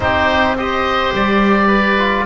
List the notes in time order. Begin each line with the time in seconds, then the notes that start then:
0.00 C4 D#4 G4 C5
0.57 G4 C5 D#5
1.12 G3 D5
1.67 B4
1.98 F4